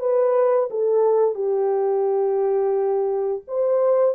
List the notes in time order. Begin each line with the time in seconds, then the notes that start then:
0.00 B4
0.71 A4
1.35 G4
3.48 C5